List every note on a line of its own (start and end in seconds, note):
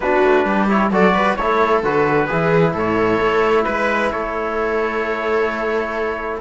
0.00 0.20 B3
0.00 0.68 D4
0.00 0.45 F#4
0.00 0.68 B4
0.22 0.45 A3
0.45 0.90 G3
0.45 0.91 G4
0.68 0.91 E4
0.68 0.92 C#5
0.90 1.13 F#3
0.90 1.38 F#4
0.90 1.14 A4
0.90 1.35 D5
1.14 1.38 G3
1.14 1.37 B4
1.35 1.82 A3
1.35 1.83 E4
1.35 2.26 A4
1.35 1.81 C#5
1.82 2.28 D3
1.82 2.29 F#4
1.82 2.76 B4
2.26 2.74 E3
2.26 6.40 E4
2.26 2.72 G#4
2.73 3.20 A2
2.73 3.65 A4
2.73 3.64 C#5
3.20 3.65 A3
3.64 4.13 G#3
3.64 4.09 B4
3.64 4.11 B4
4.11 6.40 A3
4.11 6.40 A4
4.11 6.40 C#5